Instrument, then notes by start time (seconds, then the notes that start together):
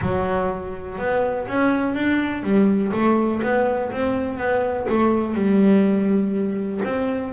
double bass
0.01 F#3
0.98 B3
1.47 C#4
1.94 D4
2.43 G3
2.92 A3
3.42 B3
3.91 C4
4.37 B3
4.89 A3
5.34 G3
6.84 C4